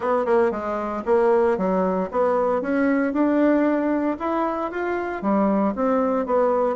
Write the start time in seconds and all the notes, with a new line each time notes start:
0.00 B3
0.25 A#3
0.51 G#3
1.05 A#3
1.57 F#3
2.11 B3
2.61 C#4
3.13 D4
4.19 E4
4.71 F4
5.22 G3
5.75 C4
6.26 B3